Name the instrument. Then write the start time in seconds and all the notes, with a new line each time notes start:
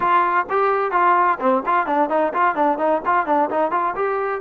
trombone
0.00 F4
0.49 G4
0.91 F4
1.40 C4
1.66 F4
1.86 D4
2.09 D#4
2.33 F4
2.55 D4
2.78 D#4
3.05 F4
3.26 D4
3.50 D#4
3.71 F4
3.95 G4